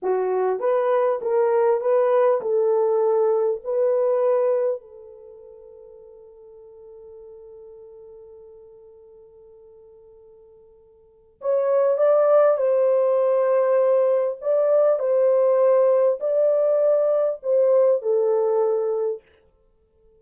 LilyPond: \new Staff \with { instrumentName = "horn" } { \time 4/4 \tempo 4 = 100 fis'4 b'4 ais'4 b'4 | a'2 b'2 | a'1~ | a'1~ |
a'2. cis''4 | d''4 c''2. | d''4 c''2 d''4~ | d''4 c''4 a'2 | }